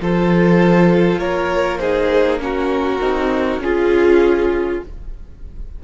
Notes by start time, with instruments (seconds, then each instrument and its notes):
0.00 cello F3, viola F4, violin A4 C5
1.18 cello A#3, violin A#4 C#5
1.78 viola D#4, violin G#4 C5
2.39 viola C#4, violin F#4 A#4
3.00 cello C4, viola D#4
3.58 cello C#4, viola F4, violin F4 G#4